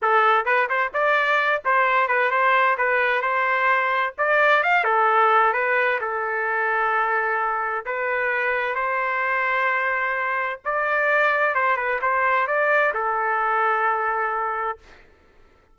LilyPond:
\new Staff \with { instrumentName = "trumpet" } { \time 4/4 \tempo 4 = 130 a'4 b'8 c''8 d''4. c''8~ | c''8 b'8 c''4 b'4 c''4~ | c''4 d''4 f''8 a'4. | b'4 a'2.~ |
a'4 b'2 c''4~ | c''2. d''4~ | d''4 c''8 b'8 c''4 d''4 | a'1 | }